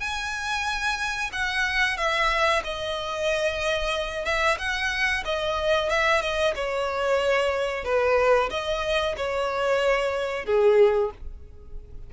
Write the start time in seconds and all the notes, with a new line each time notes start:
0.00 G#5
1.33 F#5
1.97 E5
2.64 D#5
4.25 E5
4.58 F#5
5.25 D#5
5.90 E5
6.21 D#5
6.55 C#5
7.84 B4
8.50 D#5
9.17 C#5
10.46 G#4